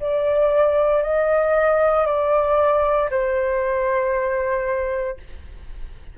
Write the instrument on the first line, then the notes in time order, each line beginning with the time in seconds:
flute
0.00 D5
1.03 D#5
2.06 D5
3.10 C5